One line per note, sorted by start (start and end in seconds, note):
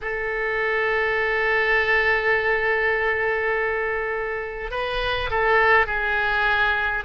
0.01 4.71 A4
4.71 5.29 B4
5.30 5.86 A4
5.86 7.04 G#4